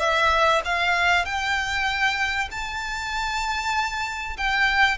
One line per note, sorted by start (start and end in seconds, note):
0.00 0.62 E5
0.65 1.25 F5
1.25 2.49 G5
2.51 4.37 A5
4.37 4.98 G5